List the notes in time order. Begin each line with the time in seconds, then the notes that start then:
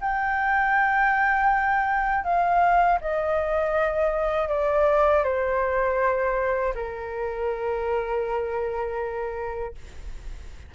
0.00 G5
2.24 F5
3.00 D#5
4.48 D5
5.23 C5
6.74 A#4